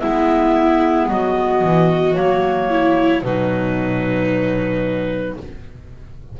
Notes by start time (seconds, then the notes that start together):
0.00 G#3 B3 E4 E5
1.10 F#3 F#4 D#5
1.64 E3
2.14 F#3 A#3 C#5
2.70 E4
3.23 B2 F#3 D#4 B4